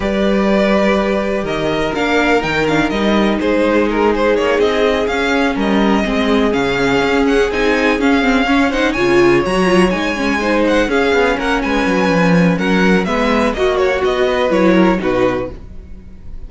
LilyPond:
<<
  \new Staff \with { instrumentName = "violin" } { \time 4/4 \tempo 4 = 124 d''2. dis''4 | f''4 g''8 f''8 dis''4 c''4 | ais'8 c''8 cis''8 dis''4 f''4 dis''8~ | dis''4. f''4. fis''8 gis''8~ |
gis''8 f''4. fis''8 gis''4 ais''8~ | ais''8 gis''4. fis''8 f''4 fis''8 | gis''2 fis''4 e''4 | dis''8 cis''8 dis''4 cis''4 b'4 | }
  \new Staff \with { instrumentName = "violin" } { \time 4/4 b'2. ais'4~ | ais'2. gis'4~ | gis'2.~ gis'8 ais'8~ | ais'8 gis'2.~ gis'8~ |
gis'4. cis''8 c''8 cis''4.~ | cis''4. c''4 gis'4 ais'8 | b'2 ais'4 b'4 | fis'4. b'4 ais'8 fis'4 | }
  \new Staff \with { instrumentName = "viola" } { \time 4/4 g'1 | d'4 dis'8 d'8 dis'2~ | dis'2~ dis'8 cis'4.~ | cis'8 c'4 cis'2 dis'8~ |
dis'8 cis'8 c'8 cis'8 dis'8 f'4 fis'8 | f'8 dis'8 cis'8 dis'4 cis'4.~ | cis'2. b4 | fis'2 e'4 dis'4 | }
  \new Staff \with { instrumentName = "cello" } { \time 4/4 g2. dis4 | ais4 dis4 g4 gis4~ | gis4 ais8 c'4 cis'4 g8~ | g8 gis4 cis4 cis'4 c'8~ |
c'8 cis'2 cis4 fis8~ | fis8 gis2 cis'8 b8 ais8 | gis8 fis8 f4 fis4 gis4 | ais4 b4 fis4 b,4 | }
>>